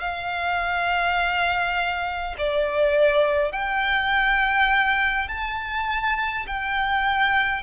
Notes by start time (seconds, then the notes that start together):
0.00 F5
2.38 D5
3.52 G5
5.28 A5
6.47 G5